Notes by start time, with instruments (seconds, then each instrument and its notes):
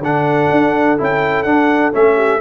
0.00 tuba D3, trombone D4, horn A4, trumpet F#5
0.51 tuba D4
0.98 tuba C#4, trombone E4, trumpet G5
1.44 tuba D4, trombone D4, trumpet F#5
1.93 tuba A3, trombone C#4, trumpet E5
2.16 horn G4